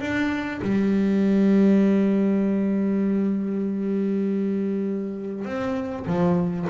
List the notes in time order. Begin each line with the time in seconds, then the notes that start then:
0.00 D4
0.62 G3
5.45 C4
6.07 F3